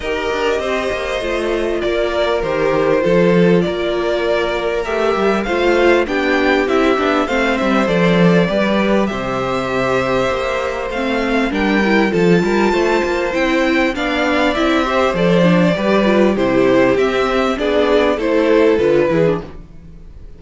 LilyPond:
<<
  \new Staff \with { instrumentName = "violin" } { \time 4/4 \tempo 4 = 99 dis''2. d''4 | c''2 d''2 | e''4 f''4 g''4 e''4 | f''8 e''8 d''2 e''4~ |
e''2 f''4 g''4 | a''2 g''4 f''4 | e''4 d''2 c''4 | e''4 d''4 c''4 b'4 | }
  \new Staff \with { instrumentName = "violin" } { \time 4/4 ais'4 c''2 ais'4~ | ais'4 a'4 ais'2~ | ais'4 c''4 g'2 | c''2 b'4 c''4~ |
c''2. ais'4 | a'8 ais'8 c''2 d''4~ | d''8 c''4. b'4 g'4~ | g'4 gis'4 a'4. gis'8 | }
  \new Staff \with { instrumentName = "viola" } { \time 4/4 g'2 f'2 | g'4 f'2. | g'4 f'4 d'4 e'8 d'8 | c'4 a'4 g'2~ |
g'2 c'4 d'8 e'8 | f'2 e'4 d'4 | e'8 g'8 a'8 d'8 g'8 f'8 e'4 | c'4 d'4 e'4 f'8 e'16 d'16 | }
  \new Staff \with { instrumentName = "cello" } { \time 4/4 dis'8 d'8 c'8 ais8 a4 ais4 | dis4 f4 ais2 | a8 g8 a4 b4 c'8 b8 | a8 g8 f4 g4 c4~ |
c4 ais4 a4 g4 | f8 g8 a8 ais8 c'4 b4 | c'4 f4 g4 c4 | c'4 b4 a4 d8 e8 | }
>>